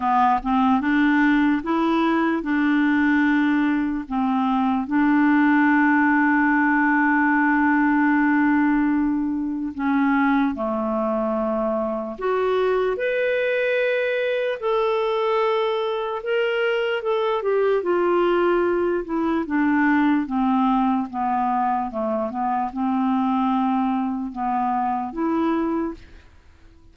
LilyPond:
\new Staff \with { instrumentName = "clarinet" } { \time 4/4 \tempo 4 = 74 b8 c'8 d'4 e'4 d'4~ | d'4 c'4 d'2~ | d'1 | cis'4 a2 fis'4 |
b'2 a'2 | ais'4 a'8 g'8 f'4. e'8 | d'4 c'4 b4 a8 b8 | c'2 b4 e'4 | }